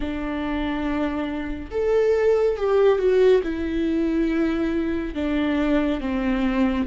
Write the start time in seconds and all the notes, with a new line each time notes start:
0.00 D4
1.71 A4
2.56 G4
2.98 F#4
3.43 E4
5.14 D4
6.00 C4